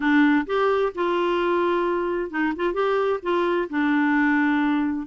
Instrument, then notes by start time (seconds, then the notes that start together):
clarinet
0.00 D4
0.46 G4
0.94 F4
2.30 D#4
2.56 F4
2.73 G4
3.22 F4
3.69 D4